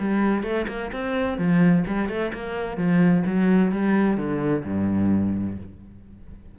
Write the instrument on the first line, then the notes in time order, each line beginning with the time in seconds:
cello
0.00 G3
0.44 A3
0.68 A#3
0.93 C4
1.39 F3
1.88 G3
2.10 A3
2.34 A#3
2.78 F3
3.26 F#3
3.72 G3
4.18 D3
4.65 G2